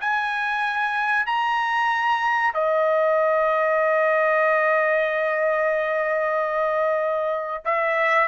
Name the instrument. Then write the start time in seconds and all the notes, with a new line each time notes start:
trumpet
0.00 G#5
1.26 A#5
2.54 D#5
7.65 E5